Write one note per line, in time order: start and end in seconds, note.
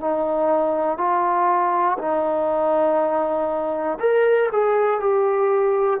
0.00 0.97 D#4
0.97 1.97 F4
1.98 3.98 D#4
4.00 4.50 A#4
4.51 5.00 G#4
5.00 6.00 G4